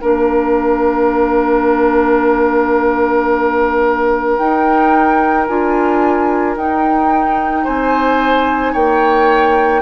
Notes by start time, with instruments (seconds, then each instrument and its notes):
0.00 bassoon A#3, clarinet D4, oboe A#4, flute F5
4.36 clarinet D#4, bassoon D#4, flute G5
5.46 bassoon D4, clarinet F4, flute G#5
6.56 bassoon D#4, clarinet D#4, flute G5
7.63 bassoon C4, oboe C5, flute G#5
8.72 bassoon A#3, oboe C#5, flute G5